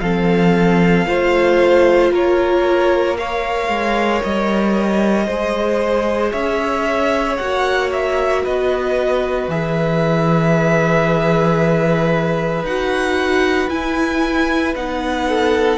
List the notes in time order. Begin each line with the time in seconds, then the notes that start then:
0.00 F3 C4 A4 F5
1.07 A3 F4 C5
2.11 A#3 A#4 C#5
3.17 A#4 C#5 F5
3.68 G#3
4.24 G3 D#5
5.27 G#3 G#4 C5
6.32 C#4 C#5 E5
7.37 A#3 F#4 F#5
7.93 E5
8.43 B3 B4 D#5
9.48 E3 G#4 E5
12.63 D#4 F#4 F#5
13.69 E4 G#5
14.75 B3 D#4 F#5
15.28 A4